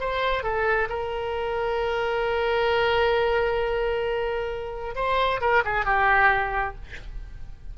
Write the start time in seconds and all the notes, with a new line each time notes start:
0.00 C5
0.43 A4
0.89 A#4
4.95 C5
5.41 A#4
5.65 G#4
5.85 G4